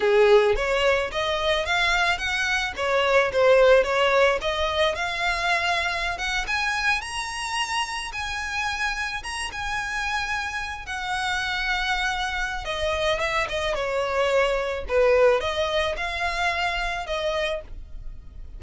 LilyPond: \new Staff \with { instrumentName = "violin" } { \time 4/4 \tempo 4 = 109 gis'4 cis''4 dis''4 f''4 | fis''4 cis''4 c''4 cis''4 | dis''4 f''2~ f''16 fis''8 gis''16~ | gis''8. ais''2 gis''4~ gis''16~ |
gis''8. ais''8 gis''2~ gis''8 fis''16~ | fis''2. dis''4 | e''8 dis''8 cis''2 b'4 | dis''4 f''2 dis''4 | }